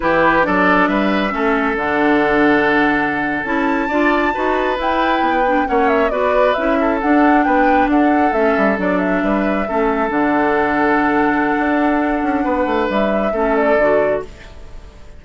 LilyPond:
<<
  \new Staff \with { instrumentName = "flute" } { \time 4/4 \tempo 4 = 135 b'4 d''4 e''2 | fis''2.~ fis''8. a''16~ | a''2~ a''8. g''4~ g''16~ | g''8. fis''8 e''8 d''4 e''4 fis''16~ |
fis''8. g''4 fis''4 e''4 d''16~ | d''16 e''2~ e''8 fis''4~ fis''16~ | fis''1~ | fis''4 e''4. d''4. | }
  \new Staff \with { instrumentName = "oboe" } { \time 4/4 g'4 a'4 b'4 a'4~ | a'1~ | a'8. d''4 b'2~ b'16~ | b'8. cis''4 b'4. a'8.~ |
a'8. b'4 a'2~ a'16~ | a'8. b'4 a'2~ a'16~ | a'1 | b'2 a'2 | }
  \new Staff \with { instrumentName = "clarinet" } { \time 4/4 e'4 d'2 cis'4 | d'2.~ d'8. e'16~ | e'8. f'4 fis'4 e'4~ e'16~ | e'16 d'8 cis'4 fis'4 e'4 d'16~ |
d'2~ d'8. cis'4 d'16~ | d'4.~ d'16 cis'4 d'4~ d'16~ | d'1~ | d'2 cis'4 fis'4 | }
  \new Staff \with { instrumentName = "bassoon" } { \time 4/4 e4 fis4 g4 a4 | d2.~ d8. cis'16~ | cis'8. d'4 dis'4 e'4 b16~ | b8. ais4 b4 cis'4 d'16~ |
d'8. b4 d'4 a8 g8 fis16~ | fis8. g4 a4 d4~ d16~ | d2 d'4. cis'8 | b8 a8 g4 a4 d4 | }
>>